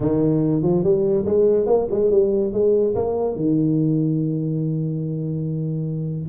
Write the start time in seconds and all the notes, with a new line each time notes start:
0.00 D#3
0.62 F3
0.83 G3
1.25 G#3
1.66 A#3
1.90 G#3
2.11 G3
2.53 G#3
2.95 A#3
3.35 D#3